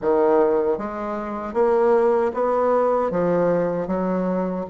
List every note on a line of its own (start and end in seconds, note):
0.01 0.78 D#3
0.78 1.53 G#3
1.53 2.31 A#3
2.34 3.10 B3
3.10 3.87 F3
3.87 4.65 F#3